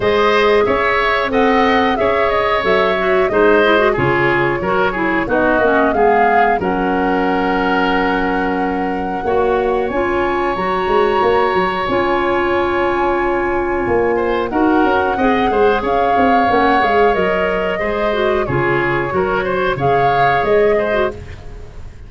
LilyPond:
<<
  \new Staff \with { instrumentName = "flute" } { \time 4/4 \tempo 4 = 91 dis''4 e''4 fis''4 e''8 dis''8 | e''4 dis''4 cis''2 | dis''4 f''4 fis''2~ | fis''2. gis''4 |
ais''2 gis''2~ | gis''2 fis''2 | f''4 fis''8 f''8 dis''2 | cis''2 f''4 dis''4 | }
  \new Staff \with { instrumentName = "oboe" } { \time 4/4 c''4 cis''4 dis''4 cis''4~ | cis''4 c''4 gis'4 ais'8 gis'8 | fis'4 gis'4 ais'2~ | ais'2 cis''2~ |
cis''1~ | cis''4. c''8 ais'4 dis''8 c''8 | cis''2. c''4 | gis'4 ais'8 c''8 cis''4. c''8 | }
  \new Staff \with { instrumentName = "clarinet" } { \time 4/4 gis'2 a'4 gis'4 | a'8 fis'8 dis'8 e'16 fis'16 f'4 fis'8 e'8 | dis'8 cis'8 b4 cis'2~ | cis'2 fis'4 f'4 |
fis'2 f'2~ | f'2 fis'4 gis'4~ | gis'4 cis'8 gis'8 ais'4 gis'8 fis'8 | f'4 fis'4 gis'4.~ gis'16 fis'16 | }
  \new Staff \with { instrumentName = "tuba" } { \time 4/4 gis4 cis'4 c'4 cis'4 | fis4 gis4 cis4 fis4 | b8 ais8 gis4 fis2~ | fis2 ais4 cis'4 |
fis8 gis8 ais8 fis8 cis'2~ | cis'4 ais4 dis'8 cis'8 c'8 gis8 | cis'8 c'8 ais8 gis8 fis4 gis4 | cis4 fis4 cis4 gis4 | }
>>